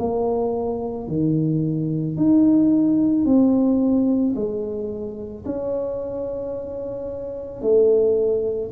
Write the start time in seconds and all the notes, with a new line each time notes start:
0.00 A#3
1.08 D#3
2.17 D#4
3.26 C4
4.36 G#3
5.45 C#4
7.62 A3